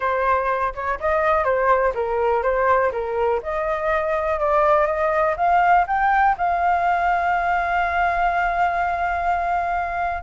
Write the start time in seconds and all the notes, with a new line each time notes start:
0.00 C5
0.75 C#5
1.00 D#5
1.44 C5
1.94 A#4
2.42 C5
2.91 A#4
3.43 D#5
4.39 D5
4.86 D#5
5.37 F5
5.87 G5
6.37 F5